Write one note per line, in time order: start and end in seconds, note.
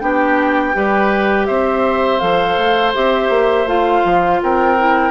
0.00 0.75 B3
0.00 0.74 D4
0.00 0.76 G4
0.00 1.46 G5
0.74 1.48 G3
0.74 2.20 G4
0.74 1.48 B4
1.46 2.21 C4
1.46 4.40 C5
1.46 2.20 E5
2.20 2.57 F3
2.20 2.93 A4
2.20 2.93 F5
2.57 2.94 A3
2.94 3.30 C4
2.94 3.68 G4
2.94 3.68 E5
3.30 3.66 A#3
3.66 4.03 A3
3.66 4.77 F4
3.66 4.41 F5
4.05 4.41 F3
4.43 5.11 C4
4.43 5.11 A#4
4.43 5.11 G5
4.78 5.11 E4